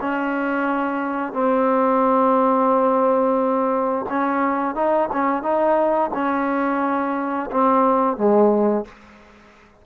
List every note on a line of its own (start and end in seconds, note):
0.00 1.33 C#4
1.33 4.05 C4
4.09 4.74 C#4
4.74 5.09 D#4
5.12 5.42 C#4
5.42 6.10 D#4
6.14 7.50 C#4
7.51 8.17 C4
8.17 8.85 G#3